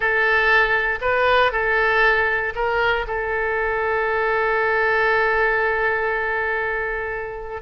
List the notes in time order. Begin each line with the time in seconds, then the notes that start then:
0.00 A4
1.01 B4
1.51 A4
2.55 A#4
3.07 A4